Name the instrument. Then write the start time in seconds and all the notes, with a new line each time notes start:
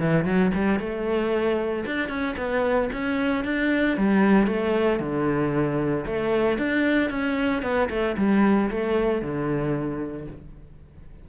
cello
0.00 E3
0.25 F#3
0.54 G3
0.79 A3
1.85 D4
2.09 C#4
2.37 B3
2.92 C#4
3.44 D4
3.97 G3
4.47 A3
5.00 D3
6.06 A3
6.58 D4
7.10 C#4
7.62 B3
7.89 A3
8.17 G3
8.70 A3
9.21 D3